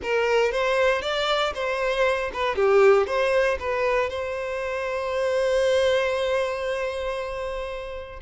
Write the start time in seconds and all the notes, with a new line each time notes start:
0.02 A#4
0.51 C5
1.01 D5
1.54 C5
2.33 B4
2.55 G4
3.06 C5
3.59 B4
4.09 C5